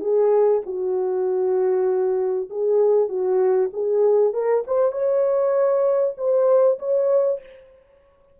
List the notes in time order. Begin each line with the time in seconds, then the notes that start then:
0.00 G#4
0.66 F#4
2.50 G#4
3.08 F#4
3.73 G#4
4.33 A#4
4.67 C5
4.92 C#5
6.17 C5
6.79 C#5